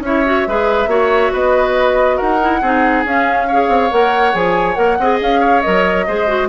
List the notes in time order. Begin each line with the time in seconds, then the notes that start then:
0.00 C#4 E4 C#5 E5
0.25 F#4
0.47 G#3 G#4 B4
0.86 A#3 F#4 C#5
1.32 B3 B4 D#5
2.17 D#4 A#4 F#5
2.41 E4
2.62 C4 D#4 G#4
3.05 C#4 F5
3.47 G#4 C#5
3.68 C4
3.90 A#3 A#4 F#5
4.32 F3 G#4 G#5
4.75 A#3 A#4 F#5
4.99 C4 G#4 D#5
5.21 C#4 F5
5.40 C#5
5.61 F#3 A#4 D#5
6.07 G#3 G#4 C5
6.27 F#4